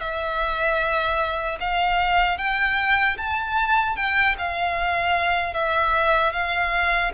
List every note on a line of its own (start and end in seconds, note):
0.00 1.58 E5
1.60 2.38 F5
2.38 3.17 G5
3.17 3.96 A5
3.96 4.36 G5
4.38 5.54 F5
5.54 6.33 E5
6.33 7.12 F5